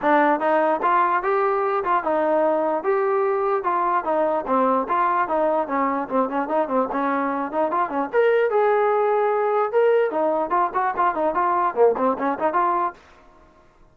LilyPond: \new Staff \with { instrumentName = "trombone" } { \time 4/4 \tempo 4 = 148 d'4 dis'4 f'4 g'4~ | g'8 f'8 dis'2 g'4~ | g'4 f'4 dis'4 c'4 | f'4 dis'4 cis'4 c'8 cis'8 |
dis'8 c'8 cis'4. dis'8 f'8 cis'8 | ais'4 gis'2. | ais'4 dis'4 f'8 fis'8 f'8 dis'8 | f'4 ais8 c'8 cis'8 dis'8 f'4 | }